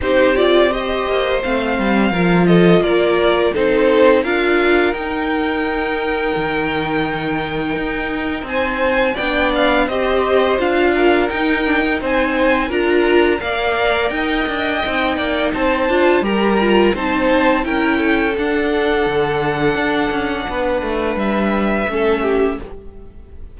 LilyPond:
<<
  \new Staff \with { instrumentName = "violin" } { \time 4/4 \tempo 4 = 85 c''8 d''8 dis''4 f''4. dis''8 | d''4 c''4 f''4 g''4~ | g''1 | gis''4 g''8 f''8 dis''4 f''4 |
g''4 gis''4 ais''4 f''4 | g''2 a''4 ais''4 | a''4 g''4 fis''2~ | fis''2 e''2 | }
  \new Staff \with { instrumentName = "violin" } { \time 4/4 g'4 c''2 ais'8 a'8 | ais'4 a'4 ais'2~ | ais'1 | c''4 d''4 c''4. ais'8~ |
ais'4 c''4 ais'4 d''4 | dis''4. d''8 c''4 ais'4 | c''4 ais'8 a'2~ a'8~ | a'4 b'2 a'8 g'8 | }
  \new Staff \with { instrumentName = "viola" } { \time 4/4 dis'8 f'8 g'4 c'4 f'4~ | f'4 dis'4 f'4 dis'4~ | dis'1~ | dis'4 d'4 g'4 f'4 |
dis'8 d'16 dis'4~ dis'16 f'4 ais'4~ | ais'4 dis'4. f'8 g'8 f'8 | dis'4 e'4 d'2~ | d'2. cis'4 | }
  \new Staff \with { instrumentName = "cello" } { \time 4/4 c'4. ais8 a8 g8 f4 | ais4 c'4 d'4 dis'4~ | dis'4 dis2 dis'4 | c'4 b4 c'4 d'4 |
dis'4 c'4 d'4 ais4 | dis'8 d'8 c'8 ais8 c'8 d'8 g4 | c'4 cis'4 d'4 d4 | d'8 cis'8 b8 a8 g4 a4 | }
>>